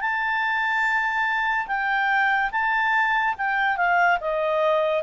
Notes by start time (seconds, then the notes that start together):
0.00 A5
1.67 G5
2.51 A5
3.37 G5
3.77 F5
4.20 D#5